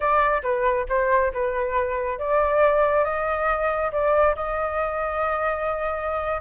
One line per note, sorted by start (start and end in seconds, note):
0.00 0.42 D5
0.42 0.86 B4
0.88 1.32 C5
1.33 2.19 B4
2.19 3.04 D5
3.04 3.91 D#5
3.92 4.35 D5
4.35 6.41 D#5